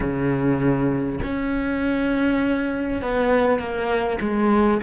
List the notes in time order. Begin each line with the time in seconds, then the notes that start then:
0.00 C#3
1.23 C#4
3.02 B3
3.59 A#3
4.20 G#3